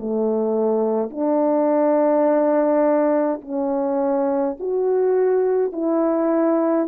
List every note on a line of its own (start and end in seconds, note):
0.00 1.10 A3
1.10 3.41 D4
3.41 4.57 C#4
4.59 5.73 F#4
5.73 6.88 E4